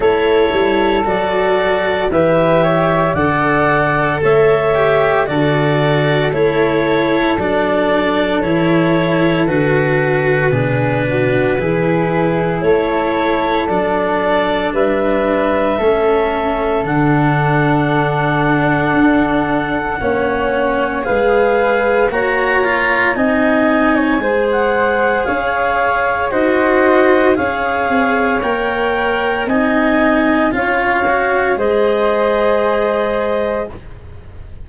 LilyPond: <<
  \new Staff \with { instrumentName = "clarinet" } { \time 4/4 \tempo 4 = 57 cis''4 d''4 e''4 fis''4 | e''4 d''4 cis''4 d''4 | cis''4 b'2. | cis''4 d''4 e''2 |
fis''1 | f''4 ais''4 gis''4~ gis''16 fis''8. | f''4 dis''4 f''4 g''4 | gis''4 f''4 dis''2 | }
  \new Staff \with { instrumentName = "flute" } { \time 4/4 a'2 b'8 cis''8 d''4 | cis''4 a'2.~ | a'2 gis'8 fis'8 gis'4 | a'2 b'4 a'4~ |
a'2. cis''4 | b'4 cis''4 dis''8. cis''16 c''4 | cis''4 c''4 cis''2 | dis''4 cis''4 c''2 | }
  \new Staff \with { instrumentName = "cello" } { \time 4/4 e'4 fis'4 g'4 a'4~ | a'8 g'8 fis'4 e'4 d'4 | e'4 fis'4 d'4 e'4~ | e'4 d'2 cis'4 |
d'2. cis'4 | gis'4 fis'8 f'8 dis'4 gis'4~ | gis'4 fis'4 gis'4 ais'4 | dis'4 f'8 fis'8 gis'2 | }
  \new Staff \with { instrumentName = "tuba" } { \time 4/4 a8 g8 fis4 e4 d4 | a4 d4 a4 fis4 | e4 d4 b,4 e4 | a4 fis4 g4 a4 |
d2 d'4 ais4 | gis4 ais4 c'4 gis4 | cis'4 dis'4 cis'8 c'8 ais4 | c'4 cis'4 gis2 | }
>>